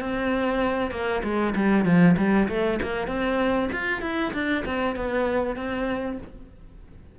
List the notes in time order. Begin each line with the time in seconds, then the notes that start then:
0.00 C4
0.91 A#3
1.23 G#3
1.55 G3
1.85 F3
2.17 G3
2.49 A3
2.82 A#3
3.07 C4
3.72 F4
4.01 E4
4.33 D4
4.65 C4
4.96 B3
5.56 C4